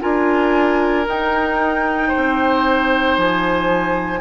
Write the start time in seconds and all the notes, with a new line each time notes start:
0.00 D4 F4 A#4 G#5
1.06 D#4 G5
2.08 C5
2.16 C4
3.17 F3 G#5